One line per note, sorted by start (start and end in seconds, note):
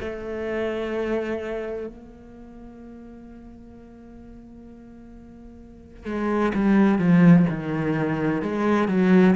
0.00 1.87 A3
1.87 6.05 A#3
6.05 6.52 G#3
6.54 6.98 G3
6.98 7.45 F3
7.49 8.42 D#3
8.42 8.88 G#3
8.88 9.35 F#3